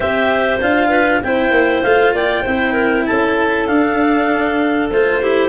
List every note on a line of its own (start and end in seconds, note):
0.00 0.59 C4
0.00 0.60 G4
0.00 0.89 C5
0.00 0.60 E5
0.60 1.22 D4
0.60 1.22 F4
0.60 1.23 F5
0.89 1.19 B4
1.23 1.50 C4
1.23 1.84 E4
1.23 2.14 C5
1.23 1.83 G5
1.50 1.81 A#3
1.83 2.13 A3
1.83 2.46 F4
1.83 2.13 F5
2.13 2.43 A#3
2.13 2.42 D5
2.13 3.06 G5
2.42 3.08 C4
2.42 3.68 E4
2.42 2.73 C5
2.73 3.03 A#4
3.06 3.68 C#4
3.06 5.21 A4
3.06 3.66 A5
3.66 4.90 D4
3.66 4.88 F5
4.90 5.49 A3
4.90 5.23 F4
4.90 5.49 C5
5.21 5.49 E4
5.21 5.49 G4